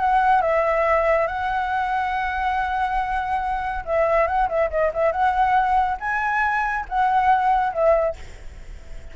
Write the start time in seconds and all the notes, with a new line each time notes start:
0.00 F#5
0.42 E5
1.28 F#5
3.86 E5
4.28 F#5
4.49 E5
4.71 D#5
4.94 E5
5.12 F#5
6.00 G#5
6.89 F#5
7.74 E5